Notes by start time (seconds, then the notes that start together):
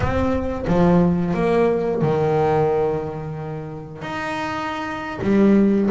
0.00 C4
0.67 F3
1.34 A#3
2.01 D#3
4.01 D#4
5.22 G3